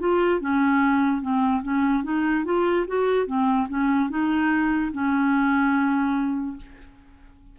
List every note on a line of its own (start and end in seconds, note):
0.00 0.41 F4
0.41 1.22 C#4
1.22 1.63 C4
1.63 2.04 C#4
2.04 2.45 D#4
2.45 2.86 F4
2.87 3.27 F#4
3.27 3.68 C4
3.69 4.10 C#4
4.10 4.92 D#4
4.92 6.57 C#4